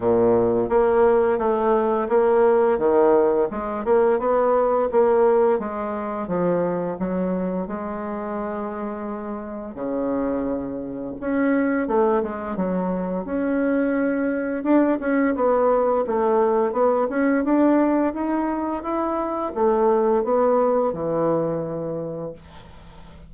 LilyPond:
\new Staff \with { instrumentName = "bassoon" } { \time 4/4 \tempo 4 = 86 ais,4 ais4 a4 ais4 | dis4 gis8 ais8 b4 ais4 | gis4 f4 fis4 gis4~ | gis2 cis2 |
cis'4 a8 gis8 fis4 cis'4~ | cis'4 d'8 cis'8 b4 a4 | b8 cis'8 d'4 dis'4 e'4 | a4 b4 e2 | }